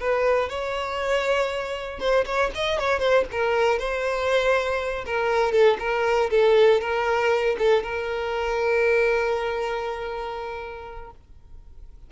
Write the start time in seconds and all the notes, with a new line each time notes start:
0.00 B4
0.49 C#5
2.00 C5
2.26 C#5
2.55 D#5
2.79 C#5
2.99 C5
3.32 A#4
3.79 C5
5.06 A#4
5.52 A4
5.79 A#4
6.30 A4
6.81 A#4
7.59 A4
7.83 A#4